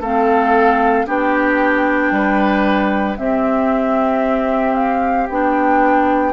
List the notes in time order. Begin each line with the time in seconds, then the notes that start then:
0.00 A3 C4 A4 F5
1.07 B3 D4 G4 G5
2.11 G3 B4
3.18 C4 G4 E5
4.75 F5
5.30 B3 D4 G5